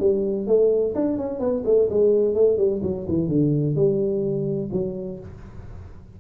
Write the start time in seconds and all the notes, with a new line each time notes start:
0.00 G3
0.47 A3
0.95 D4
1.18 C#4
1.39 B3
1.65 A3
1.90 G#3
2.35 A3
2.57 G3
2.83 F#3
3.08 E3
3.28 D3
3.76 G3
4.72 F#3